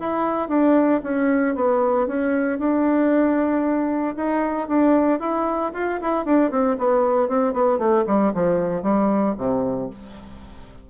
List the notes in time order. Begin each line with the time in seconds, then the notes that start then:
0.00 E4
0.49 D4
1.04 C#4
1.56 B3
2.08 C#4
2.59 D4
4.16 D#4
4.68 D4
5.20 E4
5.74 F4
6.01 E4
6.26 D4
6.51 C4
6.78 B3
7.29 C4
7.53 B3
7.79 A3
8.07 G3
8.35 F3
8.83 G3
9.38 C3